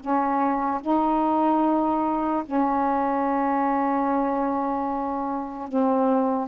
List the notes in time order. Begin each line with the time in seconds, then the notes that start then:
0.00 C#4
0.81 D#4
2.45 C#4
5.68 C4